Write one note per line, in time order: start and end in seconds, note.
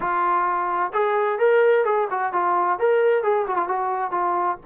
0.00 0.92 F4
0.93 1.38 G#4
1.38 1.85 A#4
1.85 2.08 G#4
2.10 2.33 F#4
2.33 2.79 F4
2.79 3.23 A#4
3.23 3.46 G#4
3.47 3.56 F#4
3.56 3.68 F4
3.68 4.11 F#4
4.11 4.57 F4